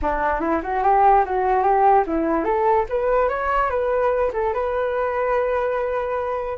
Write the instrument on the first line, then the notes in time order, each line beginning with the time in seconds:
flute
0.02 D4
0.40 E4
0.62 F#4
0.83 G4
1.25 F#4
1.63 G4
2.07 E4
2.44 A4
2.89 B4
3.29 C#5
3.70 B4
4.33 A4
4.53 B4